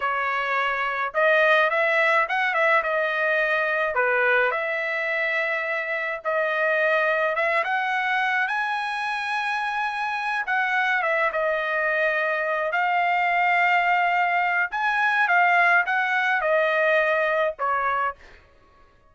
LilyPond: \new Staff \with { instrumentName = "trumpet" } { \time 4/4 \tempo 4 = 106 cis''2 dis''4 e''4 | fis''8 e''8 dis''2 b'4 | e''2. dis''4~ | dis''4 e''8 fis''4. gis''4~ |
gis''2~ gis''8 fis''4 e''8 | dis''2~ dis''8 f''4.~ | f''2 gis''4 f''4 | fis''4 dis''2 cis''4 | }